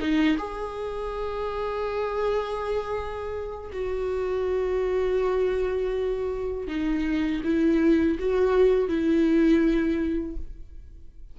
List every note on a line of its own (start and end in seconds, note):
0.00 0.37 D#4
0.37 3.71 G#4
3.72 6.67 F#4
6.67 7.41 D#4
7.44 8.18 E4
8.19 8.88 F#4
8.88 10.36 E4